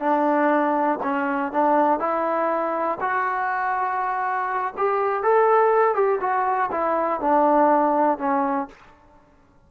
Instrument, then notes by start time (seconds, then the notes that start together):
trombone
0.00 D4
1.03 C#4
1.52 D4
1.99 E4
3.00 F#4
4.77 G4
5.23 A4
5.95 G4
6.21 F#4
6.71 E4
7.21 D4
8.18 C#4